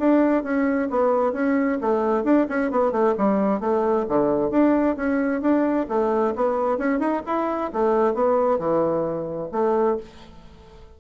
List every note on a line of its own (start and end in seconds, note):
0.00 0.44 D4
0.44 0.89 C#4
0.91 1.33 B3
1.33 1.79 C#4
1.81 2.24 A3
2.24 2.47 D4
2.50 2.71 C#4
2.71 2.92 B3
2.92 3.15 A3
3.18 3.61 G3
3.61 4.06 A3
4.09 4.51 D3
4.51 4.97 D4
4.97 5.42 C#4
5.42 5.87 D4
5.89 6.35 A3
6.36 6.79 B3
6.79 7.00 C#4
7.00 7.23 D#4
7.26 7.72 E4
7.73 8.15 A3
8.15 8.59 B3
8.59 9.50 E3
9.52 9.98 A3